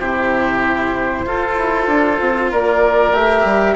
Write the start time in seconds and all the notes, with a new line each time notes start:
0.00 C3 E4 G4 C5
1.26 F4 A4
1.57 E4
1.88 D4
2.21 C4
2.52 A#3 A#4 D5
3.14 A3 G4 E5
3.44 G3